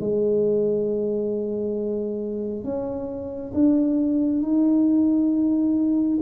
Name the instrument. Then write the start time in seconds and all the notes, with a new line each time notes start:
tuba
0.00 G#3
2.64 C#4
3.54 D4
4.42 D#4